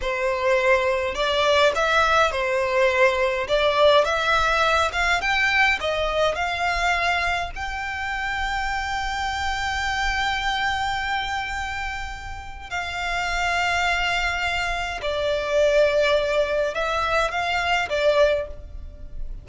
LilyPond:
\new Staff \with { instrumentName = "violin" } { \time 4/4 \tempo 4 = 104 c''2 d''4 e''4 | c''2 d''4 e''4~ | e''8 f''8 g''4 dis''4 f''4~ | f''4 g''2.~ |
g''1~ | g''2 f''2~ | f''2 d''2~ | d''4 e''4 f''4 d''4 | }